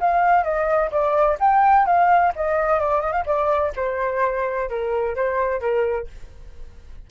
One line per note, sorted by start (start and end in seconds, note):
0.00 0.43 F5
0.43 0.90 D#5
0.91 1.38 D5
1.39 1.86 G5
1.86 2.33 F5
2.36 2.80 D#5
2.80 3.01 D5
3.01 3.12 D#5
3.12 3.24 F5
3.26 3.73 D5
3.76 4.69 C5
4.69 5.15 A#4
5.15 5.60 C5
5.60 6.07 A#4